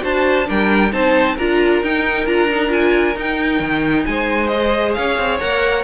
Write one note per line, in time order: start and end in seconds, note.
0.00 0.48 D4
0.00 0.45 F#4
0.00 0.47 C5
0.00 0.49 A5
0.45 0.92 G3
0.45 0.90 D4
0.45 0.92 A#4
0.45 0.92 G5
0.91 1.37 C4
0.91 1.36 D#4
0.91 1.35 C5
0.91 1.37 A5
1.35 1.82 D4
1.35 1.83 F4
1.35 4.04 A#4
1.35 1.82 A#5
1.82 2.25 D#4
1.82 2.26 D#4
1.82 2.26 G5
2.25 3.15 D4
2.25 2.49 F4
2.25 2.71 A#5
2.50 2.68 D#4
2.68 3.13 F4
2.68 3.16 G#5
3.15 3.59 D#4
3.15 4.50 D#4
3.15 4.05 G5
3.59 4.04 D#3
4.05 4.96 G#3
4.05 4.97 C5
4.05 4.47 G#5
4.47 5.40 G#4
4.47 4.92 D#5
4.94 5.18 C#4
4.94 5.83 C#5
4.94 5.39 F5
5.18 5.40 C4
5.40 5.83 A#3
5.40 5.83 A#4
5.40 5.83 F#5